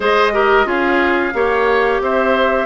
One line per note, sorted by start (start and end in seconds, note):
0.00 0.65 G#3
0.00 0.33 G#4
0.00 0.32 C5
0.00 0.68 D#5
0.33 0.65 G4
0.33 0.67 A#4
0.65 1.32 C#4
0.65 1.32 F4
0.65 1.33 G#4
0.65 2.01 F5
1.33 2.00 A#3
1.33 2.65 G4
1.33 2.02 C#5
2.01 2.65 C4
2.01 2.65 C5
2.01 2.65 E5